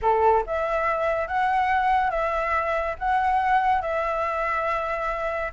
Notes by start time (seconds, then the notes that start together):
0.02 A4
0.46 E5
1.27 F#5
2.10 E5
2.98 F#5
3.81 E5